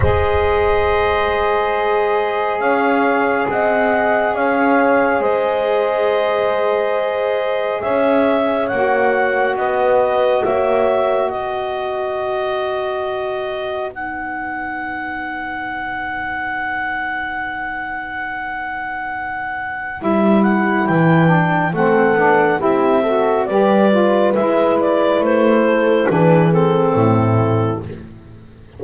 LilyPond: <<
  \new Staff \with { instrumentName = "clarinet" } { \time 4/4 \tempo 4 = 69 dis''2. f''4 | fis''4 f''4 dis''2~ | dis''4 e''4 fis''4 dis''4 | e''4 dis''2. |
fis''1~ | fis''2. e''8 fis''8 | g''4 fis''4 e''4 d''4 | e''8 d''8 c''4 b'8 a'4. | }
  \new Staff \with { instrumentName = "horn" } { \time 4/4 c''2. cis''4 | dis''4 cis''4 c''2~ | c''4 cis''2 b'4 | cis''4 b'2.~ |
b'1~ | b'1~ | b'4 a'4 g'8 a'8 b'4~ | b'4. a'8 gis'4 e'4 | }
  \new Staff \with { instrumentName = "saxophone" } { \time 4/4 gis'1~ | gis'1~ | gis'2 fis'2~ | fis'1 |
dis'1~ | dis'2. e'4~ | e'8 d'8 c'8 d'8 e'8 fis'8 g'8 f'8 | e'2 d'8 c'4. | }
  \new Staff \with { instrumentName = "double bass" } { \time 4/4 gis2. cis'4 | c'4 cis'4 gis2~ | gis4 cis'4 ais4 b4 | ais4 b2.~ |
b1~ | b2. g4 | e4 a8 b8 c'4 g4 | gis4 a4 e4 a,4 | }
>>